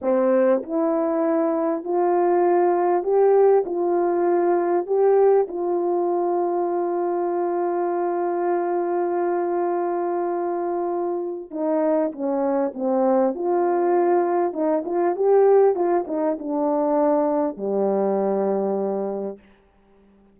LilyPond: \new Staff \with { instrumentName = "horn" } { \time 4/4 \tempo 4 = 99 c'4 e'2 f'4~ | f'4 g'4 f'2 | g'4 f'2.~ | f'1~ |
f'2. dis'4 | cis'4 c'4 f'2 | dis'8 f'8 g'4 f'8 dis'8 d'4~ | d'4 g2. | }